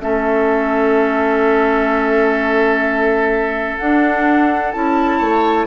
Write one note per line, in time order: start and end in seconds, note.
0.00 3.78 A3
0.00 3.79 C#4
0.00 5.18 A4
0.00 3.78 E5
3.78 4.75 D4
3.78 4.74 D4
3.78 4.71 F#5
4.71 5.21 C#4
4.71 5.67 E4
4.71 5.66 A5
5.18 5.67 A3
5.18 5.65 C#5